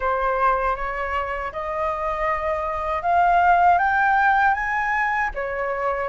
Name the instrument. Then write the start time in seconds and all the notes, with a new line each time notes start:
flute
0.00 C5
0.76 C#5
1.52 D#5
3.02 F5
3.78 G5
4.54 G#5
5.34 C#5